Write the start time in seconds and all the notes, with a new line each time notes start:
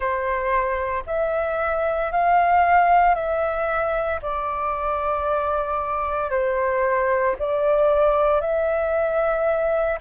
0.00 C5
1.06 E5
2.11 F5
3.14 E5
4.22 D5
6.30 C5
7.38 D5
8.41 E5